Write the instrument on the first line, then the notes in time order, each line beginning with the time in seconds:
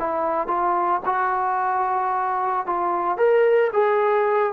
trombone
0.00 E4
0.48 F4
1.06 F#4
2.66 F4
3.18 A#4
3.74 G#4